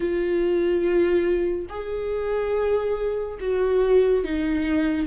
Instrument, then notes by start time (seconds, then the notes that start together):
viola
0.00 F4
1.69 G#4
3.40 F#4
4.24 D#4